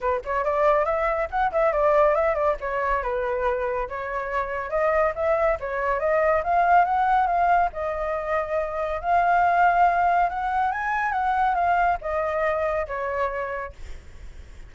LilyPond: \new Staff \with { instrumentName = "flute" } { \time 4/4 \tempo 4 = 140 b'8 cis''8 d''4 e''4 fis''8 e''8 | d''4 e''8 d''8 cis''4 b'4~ | b'4 cis''2 dis''4 | e''4 cis''4 dis''4 f''4 |
fis''4 f''4 dis''2~ | dis''4 f''2. | fis''4 gis''4 fis''4 f''4 | dis''2 cis''2 | }